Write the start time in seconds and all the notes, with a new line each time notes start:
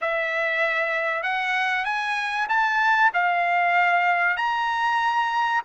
0.01 E5
1.22 F#5
1.84 G#5
2.48 A5
3.13 F5
4.36 A#5